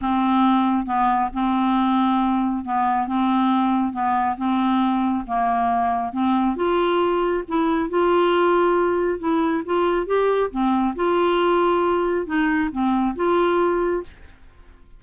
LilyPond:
\new Staff \with { instrumentName = "clarinet" } { \time 4/4 \tempo 4 = 137 c'2 b4 c'4~ | c'2 b4 c'4~ | c'4 b4 c'2 | ais2 c'4 f'4~ |
f'4 e'4 f'2~ | f'4 e'4 f'4 g'4 | c'4 f'2. | dis'4 c'4 f'2 | }